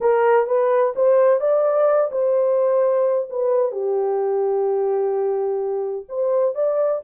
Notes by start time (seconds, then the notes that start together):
0.01 A#4
0.46 B4
0.95 C5
1.40 D5
2.11 C5
3.29 B4
3.71 G4
6.09 C5
6.54 D5